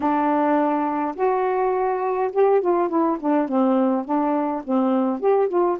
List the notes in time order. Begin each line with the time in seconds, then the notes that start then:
0.00 D4
1.15 F#4
2.32 G4
2.61 F4
2.88 E4
3.19 D4
3.48 C4
4.04 D4
4.64 C4
5.19 G4
5.48 F4